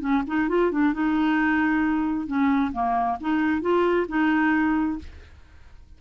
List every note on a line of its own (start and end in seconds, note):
0.00 0.23 C#4
0.27 0.49 D#4
0.49 0.71 F4
0.71 0.93 D4
0.93 2.27 D#4
2.27 2.72 C#4
2.73 3.18 A#3
3.20 3.61 D#4
3.61 4.06 F4
4.08 4.98 D#4